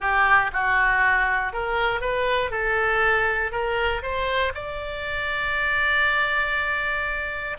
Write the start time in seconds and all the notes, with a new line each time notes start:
0.00 G4
0.52 F#4
1.52 A#4
2.00 B4
2.50 A4
3.51 A#4
4.02 C5
4.54 D5